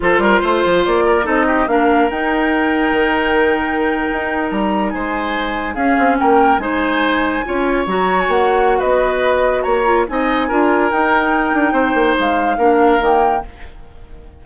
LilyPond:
<<
  \new Staff \with { instrumentName = "flute" } { \time 4/4 \tempo 4 = 143 c''2 d''4 dis''4 | f''4 g''2.~ | g''2~ g''8. ais''4 gis''16~ | gis''4.~ gis''16 f''4 g''4 gis''16~ |
gis''2~ gis''8. ais''8. gis''16 fis''16~ | fis''4 dis''2 ais''4 | gis''2 g''2~ | g''4 f''2 g''4 | }
  \new Staff \with { instrumentName = "oboe" } { \time 4/4 a'8 ais'8 c''4. ais'8 a'8 g'8 | ais'1~ | ais'2.~ ais'8. c''16~ | c''4.~ c''16 gis'4 ais'4 c''16~ |
c''4.~ c''16 cis''2~ cis''16~ | cis''4 b'2 cis''4 | dis''4 ais'2. | c''2 ais'2 | }
  \new Staff \with { instrumentName = "clarinet" } { \time 4/4 f'2. dis'4 | d'4 dis'2.~ | dis'1~ | dis'4.~ dis'16 cis'2 dis'16~ |
dis'4.~ dis'16 f'4 fis'4~ fis'16~ | fis'2.~ fis'8 f'8 | dis'4 f'4 dis'2~ | dis'2 d'4 ais4 | }
  \new Staff \with { instrumentName = "bassoon" } { \time 4/4 f8 g8 a8 f8 ais4 c'4 | ais4 dis'2 dis4~ | dis4.~ dis16 dis'4 g4 gis16~ | gis4.~ gis16 cis'8 c'8 ais4 gis16~ |
gis4.~ gis16 cis'4 fis4 ais16~ | ais4 b2 ais4 | c'4 d'4 dis'4. d'8 | c'8 ais8 gis4 ais4 dis4 | }
>>